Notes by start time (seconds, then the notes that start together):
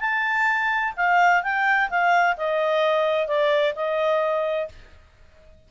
0.00 A5
0.96 F5
1.43 G5
1.89 F5
2.37 D#5
3.27 D5
3.75 D#5